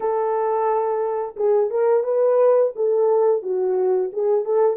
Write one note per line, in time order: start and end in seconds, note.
0.00 1.35 A4
1.36 1.70 G#4
1.70 2.03 A#4
2.03 2.71 B4
2.75 3.42 A4
3.42 4.10 F#4
4.12 4.44 G#4
4.44 4.76 A4